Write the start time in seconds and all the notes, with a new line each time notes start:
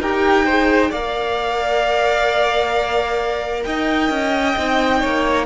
0.00 D#4 G4 A#4 G5
0.45 G#4 C5
0.90 A#3 A#4 D5 F5
3.63 D#4 D#5 G5
4.10 C#4
4.57 C4 D#4
5.01 A#3 C#5